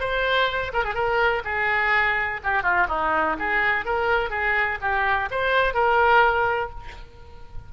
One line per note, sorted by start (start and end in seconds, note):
0.00 0.72 C5
0.73 0.84 A#4
0.84 0.94 G#4
0.94 1.42 A#4
1.44 2.40 G#4
2.43 2.63 G4
2.63 2.87 F4
2.89 3.37 D#4
3.39 3.85 G#4
3.85 4.30 A#4
4.30 4.78 G#4
4.81 5.29 G4
5.31 5.74 C5
5.74 6.70 A#4